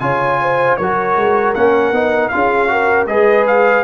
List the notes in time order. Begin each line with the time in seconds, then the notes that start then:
0.00 C#3 F4 C#5 G#5
0.42 C5
0.77 F#3 F#4 A#4 C#5
1.16 G#3
1.55 A#3 C#4 F#5
1.92 B3 D#4
2.29 C#4 F4 G#4 F5
2.68 F#4 A#4
3.06 G#3 G#4 B4 D#5
3.47 F5